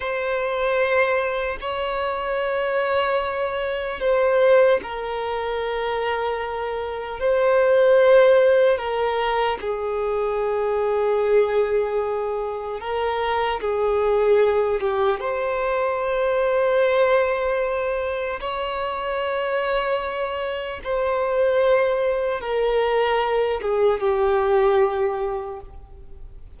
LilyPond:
\new Staff \with { instrumentName = "violin" } { \time 4/4 \tempo 4 = 75 c''2 cis''2~ | cis''4 c''4 ais'2~ | ais'4 c''2 ais'4 | gis'1 |
ais'4 gis'4. g'8 c''4~ | c''2. cis''4~ | cis''2 c''2 | ais'4. gis'8 g'2 | }